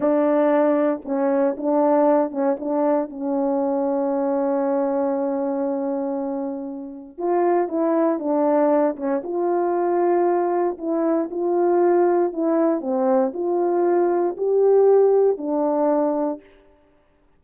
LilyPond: \new Staff \with { instrumentName = "horn" } { \time 4/4 \tempo 4 = 117 d'2 cis'4 d'4~ | d'8 cis'8 d'4 cis'2~ | cis'1~ | cis'2 f'4 e'4 |
d'4. cis'8 f'2~ | f'4 e'4 f'2 | e'4 c'4 f'2 | g'2 d'2 | }